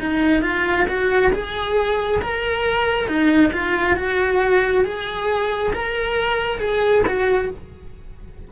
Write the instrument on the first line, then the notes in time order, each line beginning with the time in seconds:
cello
0.00 D#4
0.42 F4
0.88 F#4
1.33 G#4
2.22 A#4
3.08 D#4
3.53 F4
3.96 F#4
4.84 G#4
5.73 A#4
6.60 G#4
7.06 F#4